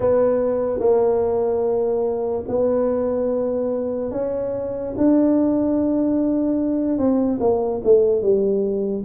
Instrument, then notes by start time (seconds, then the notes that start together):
tuba
0.00 B3
0.79 A#3
2.47 B3
4.11 C#4
4.97 D4
6.98 C4
7.40 A#3
7.83 A3
8.22 G3